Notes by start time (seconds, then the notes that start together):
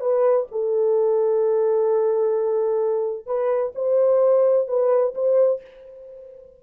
0.00 B4
0.51 A4
3.26 B4
3.75 C5
4.67 B4
5.14 C5